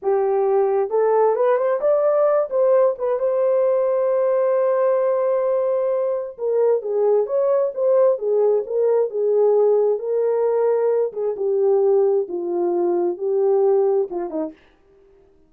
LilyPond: \new Staff \with { instrumentName = "horn" } { \time 4/4 \tempo 4 = 132 g'2 a'4 b'8 c''8 | d''4. c''4 b'8 c''4~ | c''1~ | c''2 ais'4 gis'4 |
cis''4 c''4 gis'4 ais'4 | gis'2 ais'2~ | ais'8 gis'8 g'2 f'4~ | f'4 g'2 f'8 dis'8 | }